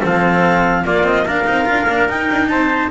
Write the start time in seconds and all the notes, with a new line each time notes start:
0.00 F3 C4 A4 F5
0.84 A#3 F4 D5
1.03 C4 D#5
1.24 D4 A#4 F5
1.44 C4 D#4
1.65 D4 F4
1.87 A#3 D4
2.08 D#4 G5
2.31 D4
2.48 C4 C5 A5